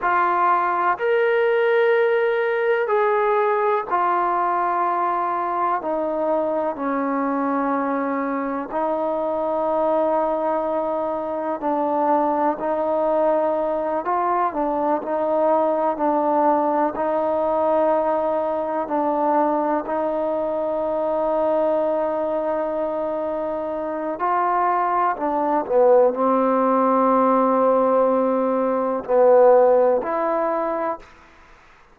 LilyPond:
\new Staff \with { instrumentName = "trombone" } { \time 4/4 \tempo 4 = 62 f'4 ais'2 gis'4 | f'2 dis'4 cis'4~ | cis'4 dis'2. | d'4 dis'4. f'8 d'8 dis'8~ |
dis'8 d'4 dis'2 d'8~ | d'8 dis'2.~ dis'8~ | dis'4 f'4 d'8 b8 c'4~ | c'2 b4 e'4 | }